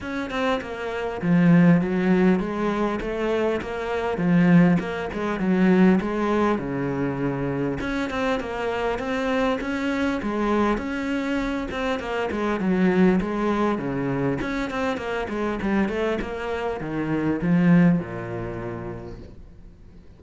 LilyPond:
\new Staff \with { instrumentName = "cello" } { \time 4/4 \tempo 4 = 100 cis'8 c'8 ais4 f4 fis4 | gis4 a4 ais4 f4 | ais8 gis8 fis4 gis4 cis4~ | cis4 cis'8 c'8 ais4 c'4 |
cis'4 gis4 cis'4. c'8 | ais8 gis8 fis4 gis4 cis4 | cis'8 c'8 ais8 gis8 g8 a8 ais4 | dis4 f4 ais,2 | }